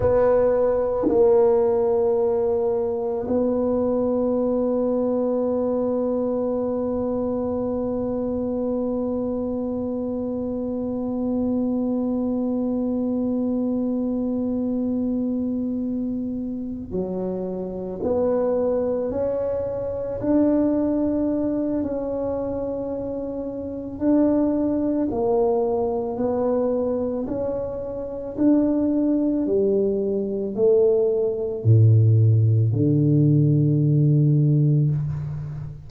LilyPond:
\new Staff \with { instrumentName = "tuba" } { \time 4/4 \tempo 4 = 55 b4 ais2 b4~ | b1~ | b1~ | b2.~ b8 fis8~ |
fis8 b4 cis'4 d'4. | cis'2 d'4 ais4 | b4 cis'4 d'4 g4 | a4 a,4 d2 | }